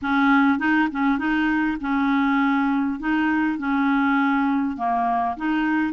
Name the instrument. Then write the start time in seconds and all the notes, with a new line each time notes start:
clarinet
0.02 C#4
0.58 D#4
0.91 C#4
1.18 D#4
1.80 C#4
2.99 D#4
3.58 C#4
4.77 A#3
5.36 D#4